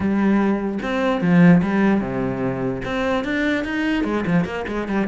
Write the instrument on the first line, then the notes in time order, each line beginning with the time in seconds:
cello
0.00 G3
0.82 C4
1.21 F3
1.62 G3
2.00 C3
2.85 C4
3.24 D4
3.64 D#4
4.04 G#3
4.26 F3
4.44 A#3
4.67 G#3
4.88 G3